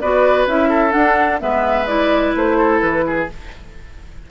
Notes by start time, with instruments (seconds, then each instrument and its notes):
0.00 bassoon B3, clarinet F#4, oboe B4, flute D5
0.46 bassoon C#4, clarinet E4, flute E5
0.69 oboe A4
0.90 clarinet D4, bassoon D4, flute F#5
1.40 bassoon G#3, clarinet B3, oboe B4, flute E5
1.87 clarinet E4, flute D5
2.35 bassoon A3, flute C5
2.57 oboe A4
2.80 bassoon E3, flute B4
3.07 oboe G#4